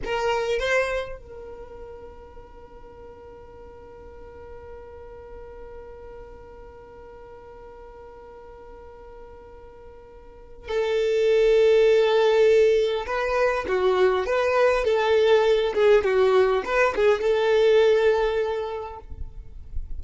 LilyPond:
\new Staff \with { instrumentName = "violin" } { \time 4/4 \tempo 4 = 101 ais'4 c''4 ais'2~ | ais'1~ | ais'1~ | ais'1~ |
ais'2 a'2~ | a'2 b'4 fis'4 | b'4 a'4. gis'8 fis'4 | b'8 gis'8 a'2. | }